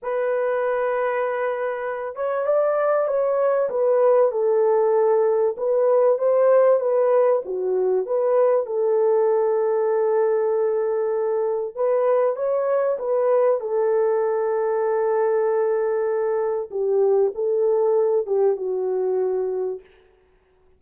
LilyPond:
\new Staff \with { instrumentName = "horn" } { \time 4/4 \tempo 4 = 97 b'2.~ b'8 cis''8 | d''4 cis''4 b'4 a'4~ | a'4 b'4 c''4 b'4 | fis'4 b'4 a'2~ |
a'2. b'4 | cis''4 b'4 a'2~ | a'2. g'4 | a'4. g'8 fis'2 | }